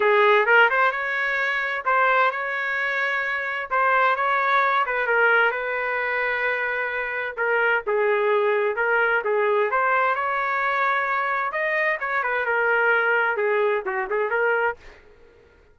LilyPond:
\new Staff \with { instrumentName = "trumpet" } { \time 4/4 \tempo 4 = 130 gis'4 ais'8 c''8 cis''2 | c''4 cis''2. | c''4 cis''4. b'8 ais'4 | b'1 |
ais'4 gis'2 ais'4 | gis'4 c''4 cis''2~ | cis''4 dis''4 cis''8 b'8 ais'4~ | ais'4 gis'4 fis'8 gis'8 ais'4 | }